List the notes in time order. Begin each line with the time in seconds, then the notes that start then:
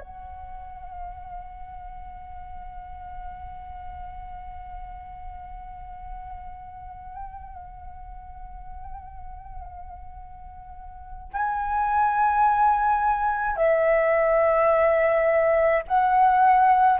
0.00 F#5
11.34 G#5
13.56 E5
15.87 F#5